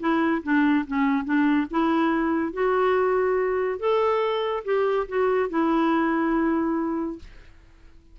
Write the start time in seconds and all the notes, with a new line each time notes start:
0.00 E4
0.43 D4
0.87 C#4
1.25 D4
1.71 E4
2.53 F#4
3.80 A4
4.65 G4
5.08 F#4
5.50 E4